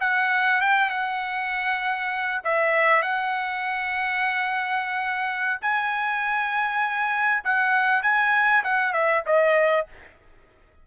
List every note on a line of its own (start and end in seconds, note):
0.00 0.61 F#5
0.61 0.90 G5
0.90 2.41 F#5
2.44 3.02 E5
3.02 5.60 F#5
5.61 7.43 G#5
7.44 8.02 F#5
8.02 8.63 G#5
8.63 8.93 F#5
8.93 9.23 E5
9.26 9.87 D#5